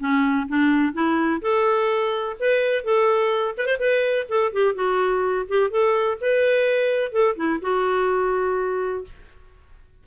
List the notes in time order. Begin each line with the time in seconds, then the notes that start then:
0.00 C#4
0.49 D4
0.94 E4
1.42 A4
2.40 B4
2.84 A4
3.58 B4
3.66 C5
3.79 B4
4.29 A4
4.53 G4
4.75 F#4
5.49 G4
5.71 A4
6.21 B4
7.12 A4
7.37 E4
7.62 F#4